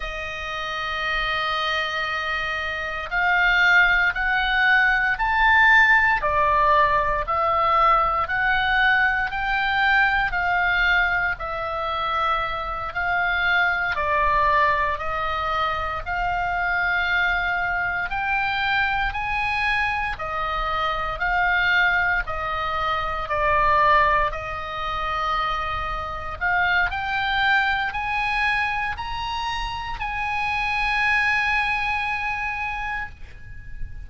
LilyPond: \new Staff \with { instrumentName = "oboe" } { \time 4/4 \tempo 4 = 58 dis''2. f''4 | fis''4 a''4 d''4 e''4 | fis''4 g''4 f''4 e''4~ | e''8 f''4 d''4 dis''4 f''8~ |
f''4. g''4 gis''4 dis''8~ | dis''8 f''4 dis''4 d''4 dis''8~ | dis''4. f''8 g''4 gis''4 | ais''4 gis''2. | }